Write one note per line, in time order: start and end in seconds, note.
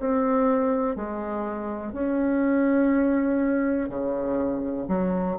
0.00 0.96 C4
0.96 1.93 G#3
1.93 3.89 C#4
3.89 4.88 C#3
4.88 5.37 F#3